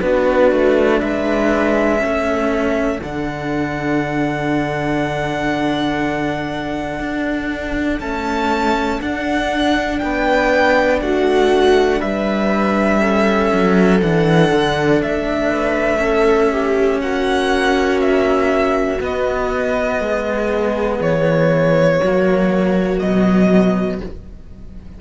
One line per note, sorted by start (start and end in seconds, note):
0.00 0.51 B3
0.00 1.99 D4
0.00 1.00 F#4
0.00 1.00 B4
0.51 1.01 A3
1.00 2.02 G#3
1.00 2.00 B4
1.00 3.00 E5
1.99 3.01 A3
1.99 2.99 C#4
1.99 10.00 A4
3.01 6.99 D3
3.01 8.01 D4
3.01 8.00 F#5
6.99 7.99 D4
8.00 9.00 A3
8.00 9.00 C#4
8.00 9.00 A5
9.00 13.00 D4
9.00 10.01 D4
9.00 9.99 F#5
9.99 11.01 B3
9.99 11.02 B4
9.99 10.99 G5
11.01 12.01 A3
11.01 12.00 F#4
11.01 12.01 F#5
12.00 13.51 G3
12.00 13.00 B4
12.00 14.01 E5
13.00 14.00 C#4
13.00 15.50 A4
13.53 14.01 F#3
14.01 14.51 E3
14.01 15.97 D4
14.01 15.01 F#5
14.51 15.01 D3
15.01 17.01 A3
15.01 17.00 E5
15.50 16.00 B4
15.97 18.98 C#4
15.97 16.51 A4
16.51 17.01 G4
17.00 19.00 A#3
17.00 20.01 F#4
17.00 18.00 F#5
18.00 19.00 E5
19.00 19.99 B3
19.00 22.00 B3
19.00 21.01 D#5
19.99 20.99 G#3
19.99 21.99 G#4
21.00 22.00 E3
21.00 22.99 C#5
21.99 23.01 F#3
21.99 23.99 F#4
22.05 23.01 A#3
22.99 24.01 B2
22.99 24.01 F#3
22.99 23.99 D#5